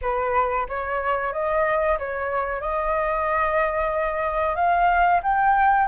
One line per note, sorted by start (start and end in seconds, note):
0.01 0.67 B4
0.68 1.33 C#5
1.33 1.98 D#5
1.98 2.60 C#5
2.60 4.55 D#5
4.55 5.21 F5
5.22 5.88 G5